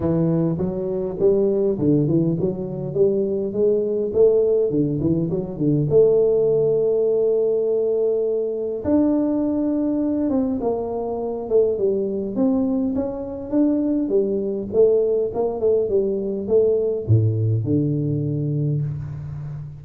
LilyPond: \new Staff \with { instrumentName = "tuba" } { \time 4/4 \tempo 4 = 102 e4 fis4 g4 d8 e8 | fis4 g4 gis4 a4 | d8 e8 fis8 d8 a2~ | a2. d'4~ |
d'4. c'8 ais4. a8 | g4 c'4 cis'4 d'4 | g4 a4 ais8 a8 g4 | a4 a,4 d2 | }